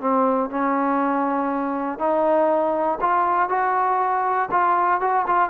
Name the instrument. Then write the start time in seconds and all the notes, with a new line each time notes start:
trombone
0.00 C4
0.50 C#4
1.99 D#4
3.00 F4
3.49 F#4
4.51 F4
5.00 F#4
5.26 F4